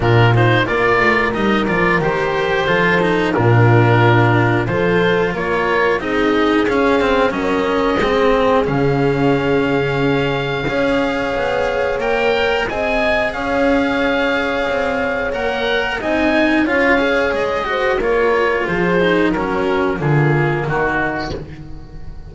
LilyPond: <<
  \new Staff \with { instrumentName = "oboe" } { \time 4/4 \tempo 4 = 90 ais'8 c''8 d''4 dis''8 d''8 c''4~ | c''4 ais'2 c''4 | cis''4 dis''4 f''4 dis''4~ | dis''4 f''2.~ |
f''2 g''4 gis''4 | f''2. fis''4 | gis''4 f''4 dis''4 cis''4 | c''4 ais'4 gis'4 fis'4 | }
  \new Staff \with { instrumentName = "horn" } { \time 4/4 f'4 ais'2. | a'4 f'2 a'4 | ais'4 gis'2 ais'4 | gis'1 |
cis''2. dis''4 | cis''1 | dis''4 cis''4. c''8 ais'4 | gis'4 fis'4 f'4 dis'4 | }
  \new Staff \with { instrumentName = "cello" } { \time 4/4 d'8 dis'8 f'4 dis'8 f'8 g'4 | f'8 dis'8 d'2 f'4~ | f'4 dis'4 cis'8 c'8 cis'4 | c'4 cis'2. |
gis'2 ais'4 gis'4~ | gis'2. ais'4 | dis'4 f'8 gis'4 fis'8 f'4~ | f'8 dis'8 cis'4 ais2 | }
  \new Staff \with { instrumentName = "double bass" } { \time 4/4 ais,4 ais8 a8 g8 f8 dis4 | f4 ais,2 f4 | ais4 c'4 cis'4 fis4 | gis4 cis2. |
cis'4 b4 ais4 c'4 | cis'2 c'4 ais4 | c'4 cis'4 gis4 ais4 | f4 fis4 d4 dis4 | }
>>